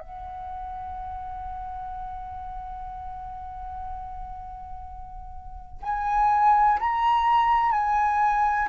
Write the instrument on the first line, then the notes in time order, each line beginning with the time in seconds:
flute
0.00 F#5
5.83 G#5
6.80 A#5
7.72 G#5